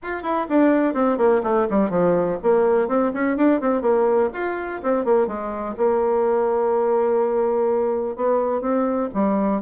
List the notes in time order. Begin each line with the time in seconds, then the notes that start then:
0.02 F4
0.23 E4
0.49 D4
0.94 C4
1.17 A#3
1.43 A3
1.70 G3
1.90 F3
2.42 A#3
2.88 C4
3.13 C#4
3.36 D4
3.60 C4
3.81 A#3
4.33 F4
4.82 C4
5.04 A#3
5.27 G#3
5.77 A#3
8.16 B3
8.61 C4
9.14 G3